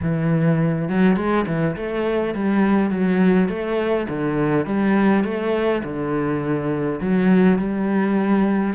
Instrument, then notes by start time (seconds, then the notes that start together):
cello
0.02 E3
0.89 F#3
1.16 G#3
1.46 E3
1.76 A3
2.34 G3
2.90 F#3
3.48 A3
4.08 D3
4.66 G3
5.24 A3
5.83 D3
7.00 F#3
7.58 G3